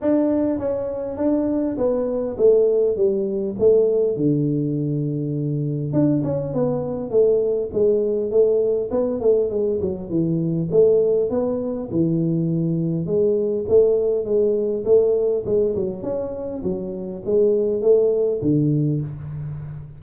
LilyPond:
\new Staff \with { instrumentName = "tuba" } { \time 4/4 \tempo 4 = 101 d'4 cis'4 d'4 b4 | a4 g4 a4 d4~ | d2 d'8 cis'8 b4 | a4 gis4 a4 b8 a8 |
gis8 fis8 e4 a4 b4 | e2 gis4 a4 | gis4 a4 gis8 fis8 cis'4 | fis4 gis4 a4 d4 | }